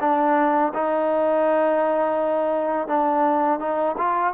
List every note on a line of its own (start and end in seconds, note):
0.00 0.72 D4
0.73 2.88 D#4
2.88 3.59 D4
3.59 3.95 D#4
3.97 4.33 F4